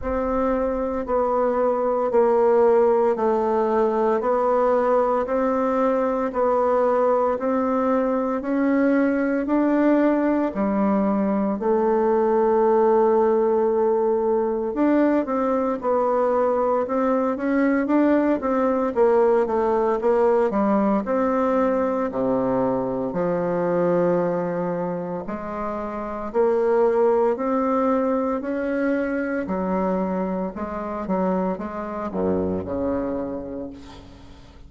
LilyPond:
\new Staff \with { instrumentName = "bassoon" } { \time 4/4 \tempo 4 = 57 c'4 b4 ais4 a4 | b4 c'4 b4 c'4 | cis'4 d'4 g4 a4~ | a2 d'8 c'8 b4 |
c'8 cis'8 d'8 c'8 ais8 a8 ais8 g8 | c'4 c4 f2 | gis4 ais4 c'4 cis'4 | fis4 gis8 fis8 gis8 fis,8 cis4 | }